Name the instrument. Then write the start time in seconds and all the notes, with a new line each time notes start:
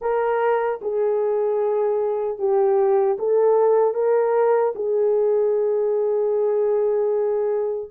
horn
0.01 A#4
0.81 G#4
2.38 G4
3.18 A4
3.94 A#4
4.75 G#4